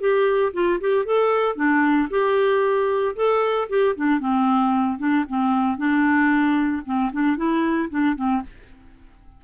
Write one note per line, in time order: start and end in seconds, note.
0.00 0.53 G4
0.53 0.80 F4
0.80 1.05 G4
1.05 1.56 A4
1.56 2.08 D4
2.10 3.15 G4
3.16 3.68 A4
3.69 3.95 G4
3.96 4.20 D4
4.20 4.98 C4
4.98 5.25 D4
5.29 5.78 C4
5.78 6.83 D4
6.85 7.11 C4
7.12 7.37 D4
7.37 7.89 E4
7.90 8.16 D4
8.16 8.42 C4